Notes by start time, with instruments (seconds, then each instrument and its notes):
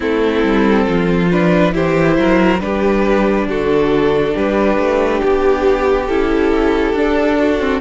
0.00 cello A3, viola C4, violin E4 A4
0.43 cello G3
0.86 cello F3, violin F4
1.30 viola D4, violin B4
1.72 cello E3, viola E4, violin G4 C5
2.18 cello F#3, violin A#4
2.59 cello G3, viola D4, violin G4 B4
3.47 cello D3, violin F#4 A4
4.34 cello G3, violin G4 B4
4.77 cello A3
5.20 cello B3, violin G4
6.06 cello C#4, viola E4, violin A4
6.93 cello D4, viola D4
7.38 violin F#4
7.59 viola C4